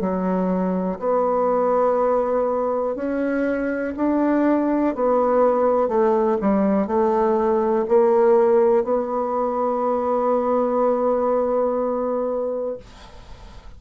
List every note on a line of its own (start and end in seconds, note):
0.00 0.98 F#3
0.99 2.95 B3
2.95 3.93 C#4
3.96 4.94 D4
4.95 5.88 B3
5.88 6.37 A3
6.41 6.87 G3
6.87 7.85 A3
7.88 8.83 A#3
8.83 12.77 B3